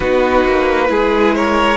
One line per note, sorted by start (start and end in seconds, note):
0.00 0.45 B3
0.00 0.87 D#4
0.00 0.87 F#4
0.00 1.34 B4
0.45 0.89 A#3
0.87 1.77 G#3
0.87 1.76 E4
0.87 1.35 G#4
1.35 1.77 A#4
1.35 1.77 C#5